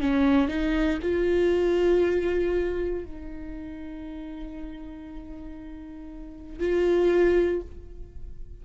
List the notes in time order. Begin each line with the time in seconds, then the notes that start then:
0.00 C#4
0.48 D#4
1.02 F4
3.05 D#4
6.59 F4